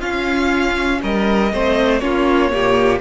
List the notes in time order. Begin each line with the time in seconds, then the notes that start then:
0.00 C#4 F4 F5
1.02 G3 A#4 D#5
1.53 A3 C4 C5
1.99 A#3 C#4 F4 C#5
2.51 A#2 A#3 G4